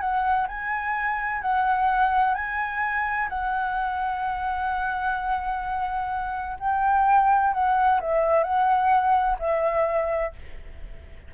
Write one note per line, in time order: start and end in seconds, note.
0.00 0.47 F#5
0.48 1.42 G#5
1.42 2.35 F#5
2.35 3.28 G#5
3.29 6.57 F#5
6.59 7.53 G5
7.53 8.00 F#5
8.00 8.44 E5
8.44 9.37 F#5
9.39 10.33 E5